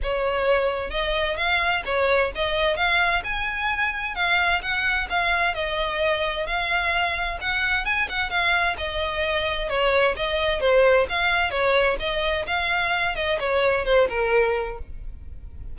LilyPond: \new Staff \with { instrumentName = "violin" } { \time 4/4 \tempo 4 = 130 cis''2 dis''4 f''4 | cis''4 dis''4 f''4 gis''4~ | gis''4 f''4 fis''4 f''4 | dis''2 f''2 |
fis''4 gis''8 fis''8 f''4 dis''4~ | dis''4 cis''4 dis''4 c''4 | f''4 cis''4 dis''4 f''4~ | f''8 dis''8 cis''4 c''8 ais'4. | }